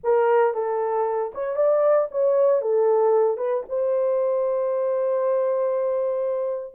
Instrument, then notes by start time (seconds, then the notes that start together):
horn
0.03 A#4
0.54 A4
1.34 C#5
1.56 D5
2.11 C#5
2.61 A4
3.37 B4
3.68 C5